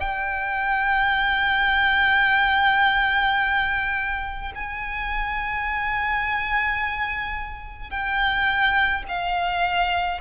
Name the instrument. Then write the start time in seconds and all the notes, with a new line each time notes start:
violin
0.00 G5
4.55 G#5
7.90 G5
9.08 F5